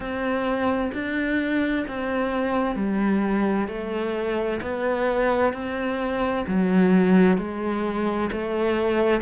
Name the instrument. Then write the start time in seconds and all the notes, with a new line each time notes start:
cello
0.00 C4
0.94 D4
1.87 C4
2.75 G3
3.68 A3
4.62 B3
5.53 C4
6.47 F#3
7.37 G#3
8.32 A3